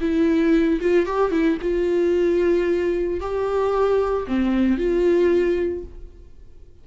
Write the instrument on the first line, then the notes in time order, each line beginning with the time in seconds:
viola
0.00 E4
0.80 F4
1.06 G4
1.31 E4
1.61 F4
3.20 G4
4.27 C4
4.77 F4